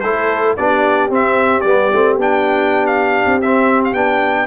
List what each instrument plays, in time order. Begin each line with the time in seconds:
0.00 tuba A3, trombone E4, horn A4, trumpet C5
0.57 tuba B3, trombone D4, horn G4, trumpet D5
1.09 tuba C4, trombone C4, trumpet E5
1.60 tuba G3, trombone B3, trumpet D5
1.93 tuba A3, trombone C4
2.16 tuba B3, trombone D4, trumpet G5
2.86 trumpet F5
3.25 tuba C4
3.42 trombone C4, trumpet E5
3.84 trumpet F5
3.93 tuba B3, trombone D4, trumpet G5